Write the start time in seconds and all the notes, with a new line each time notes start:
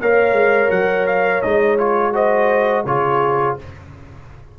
0.00 A#3 A#4 C#5 F5
0.32 G#3
0.70 F#3 F#5
1.06 F5
1.42 G#3 D#4 D#5
1.77 F4 C#5
2.12 F#4 C5 D#5
2.85 C#3 F4 G#4 C#5